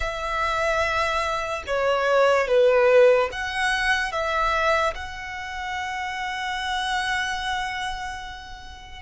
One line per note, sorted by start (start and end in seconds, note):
0.00 1.63 E5
1.66 2.47 C#5
2.47 3.29 B4
3.32 4.11 F#5
4.11 4.94 E5
4.95 9.02 F#5